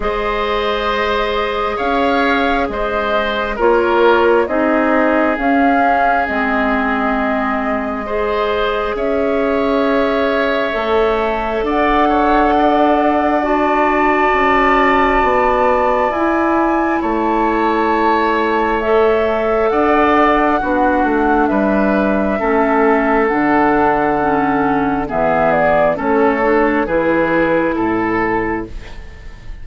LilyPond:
<<
  \new Staff \with { instrumentName = "flute" } { \time 4/4 \tempo 4 = 67 dis''2 f''4 dis''4 | cis''4 dis''4 f''4 dis''4~ | dis''2 e''2~ | e''4 fis''2 a''4~ |
a''2 gis''4 a''4~ | a''4 e''4 fis''2 | e''2 fis''2 | e''8 d''8 cis''4 b'4 a'4 | }
  \new Staff \with { instrumentName = "oboe" } { \time 4/4 c''2 cis''4 c''4 | ais'4 gis'2.~ | gis'4 c''4 cis''2~ | cis''4 d''8 cis''8 d''2~ |
d''2. cis''4~ | cis''2 d''4 fis'4 | b'4 a'2. | gis'4 a'4 gis'4 a'4 | }
  \new Staff \with { instrumentName = "clarinet" } { \time 4/4 gis'1 | f'4 dis'4 cis'4 c'4~ | c'4 gis'2. | a'2. fis'4~ |
fis'2 e'2~ | e'4 a'2 d'4~ | d'4 cis'4 d'4 cis'4 | b4 cis'8 d'8 e'2 | }
  \new Staff \with { instrumentName = "bassoon" } { \time 4/4 gis2 cis'4 gis4 | ais4 c'4 cis'4 gis4~ | gis2 cis'2 | a4 d'2. |
cis'4 b4 e'4 a4~ | a2 d'4 b8 a8 | g4 a4 d2 | e4 a4 e4 a,4 | }
>>